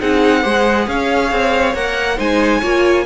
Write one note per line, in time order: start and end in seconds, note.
0.00 0.44 C4
0.00 0.42 D#4
0.00 0.42 G#4
0.00 0.88 F#5
0.42 0.87 G#3
0.42 1.73 G#4
0.42 0.85 C5
0.87 1.31 C#4
0.87 2.16 C#5
0.87 1.75 F5
1.31 1.74 C4
1.74 2.18 A#3
1.74 2.18 A#4
1.74 2.19 F#5
2.16 2.62 G#3
2.16 2.61 D#4
2.16 2.60 C5
2.16 3.06 G#5
2.60 3.06 A#3
2.60 3.06 F4
2.60 3.04 C#5